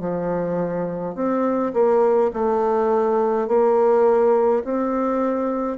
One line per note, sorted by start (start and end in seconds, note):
0.00 1.15 F3
1.15 1.73 C4
1.74 2.32 A#3
2.34 3.48 A3
3.48 4.64 A#3
4.65 5.78 C4